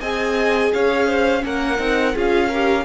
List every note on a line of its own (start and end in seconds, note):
0.00 0.72 C4
0.00 1.40 G#4
0.00 0.71 D#5
0.00 0.72 G#5
0.73 1.44 C#4
0.73 1.07 C#5
0.73 1.44 F5
1.07 1.43 C5
1.40 1.79 A#3
1.40 1.76 C#4
1.40 2.15 A#4
1.40 2.17 F#5
1.78 2.14 C4
1.78 2.13 D#4
2.14 2.85 C#4
2.14 2.50 F4
2.14 2.49 G#4
2.14 2.85 F5
2.49 2.85 G4
2.49 2.84 A#4